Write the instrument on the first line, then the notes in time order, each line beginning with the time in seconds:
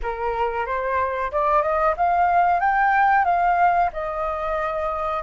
flute
0.02 A#4
0.66 C5
1.31 D5
1.62 D#5
1.96 F5
2.60 G5
3.25 F5
3.92 D#5